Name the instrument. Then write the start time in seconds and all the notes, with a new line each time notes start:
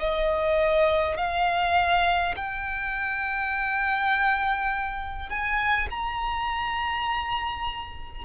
violin
0.00 D#5
1.17 F5
2.36 G5
5.29 G#5
5.90 A#5